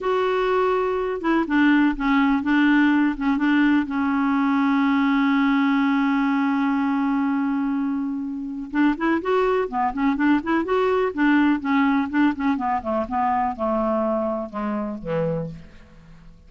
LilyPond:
\new Staff \with { instrumentName = "clarinet" } { \time 4/4 \tempo 4 = 124 fis'2~ fis'8 e'8 d'4 | cis'4 d'4. cis'8 d'4 | cis'1~ | cis'1~ |
cis'2 d'8 e'8 fis'4 | b8 cis'8 d'8 e'8 fis'4 d'4 | cis'4 d'8 cis'8 b8 a8 b4 | a2 gis4 e4 | }